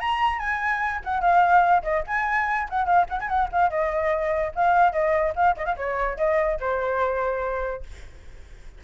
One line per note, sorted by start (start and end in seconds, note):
0.00 0.39 A#5
0.39 1.00 G#5
1.04 1.21 F#5
1.21 1.83 F5
1.83 2.04 D#5
2.07 2.69 G#5
2.70 2.86 F#5
2.86 3.06 F5
3.09 3.20 F#5
3.20 3.28 G#5
3.28 3.49 F#5
3.52 3.70 F5
3.70 4.52 D#5
4.55 4.92 F5
4.92 5.33 D#5
5.36 5.56 F5
5.57 5.66 D#5
5.66 5.76 F5
5.76 6.17 C#5
6.17 6.58 D#5
6.60 7.83 C5